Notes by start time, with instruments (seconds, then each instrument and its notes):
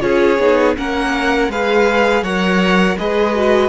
0.00 cello C#4, viola F4, violin G#4 C#5
0.39 cello B3, viola D#4
0.77 cello A#3, viola C#4, violin A#4 F#5
1.48 cello G#3, viola G#4, violin B4 F5
2.23 cello F#3, viola A#4, violin C#5 F#5
2.98 cello G#3, viola G#4, violin B4 D#5
3.35 viola F#4